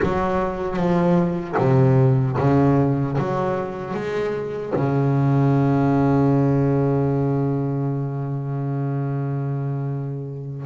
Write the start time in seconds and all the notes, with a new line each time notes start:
0.02 F#3
0.76 F3
1.57 C3
2.38 C#3
3.18 F#3
3.94 G#3
4.75 C#3